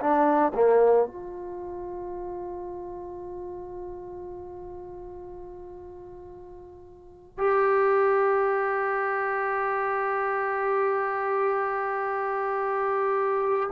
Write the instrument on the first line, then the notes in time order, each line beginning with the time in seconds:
trombone
0.00 D4
0.55 A#3
1.07 F4
7.38 G4